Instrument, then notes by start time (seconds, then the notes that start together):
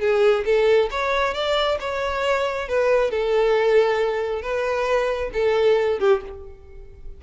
violin
0.00 G#4
0.45 A4
0.90 C#5
1.34 D5
1.80 C#5
2.68 B4
3.11 A4
4.42 B4
5.33 A4
5.99 G4